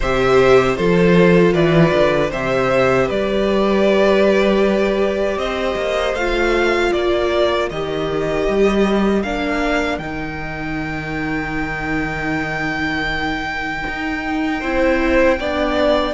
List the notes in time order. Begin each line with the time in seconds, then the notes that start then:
0.00 C3 G4 C5 E5
0.75 F3 F4 A4 C5
1.53 E3 B4 D5
1.92 D3
2.30 C3 G4 C5 E5
3.06 G3 B4 D5
5.37 C4 C5 D#5
5.75 A#3
6.13 A3 F4 F5
6.92 A#3 A#4 D5
7.69 D#3 G4 D#5
8.48 G3
9.23 A#3 D4 F5
9.98 D#3 D#4 G5
13.87 D#4
14.60 C4 E4 C5
15.39 B3 D4 D5